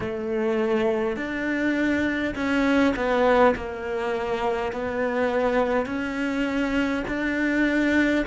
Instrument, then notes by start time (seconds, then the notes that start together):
cello
0.00 A3
1.16 D4
2.35 C#4
2.96 B3
3.55 A#3
4.72 B3
5.86 C#4
7.07 D4